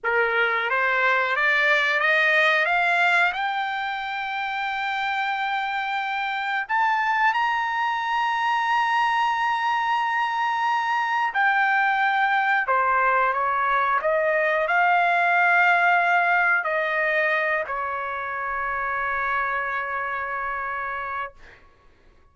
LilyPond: \new Staff \with { instrumentName = "trumpet" } { \time 4/4 \tempo 4 = 90 ais'4 c''4 d''4 dis''4 | f''4 g''2.~ | g''2 a''4 ais''4~ | ais''1~ |
ais''4 g''2 c''4 | cis''4 dis''4 f''2~ | f''4 dis''4. cis''4.~ | cis''1 | }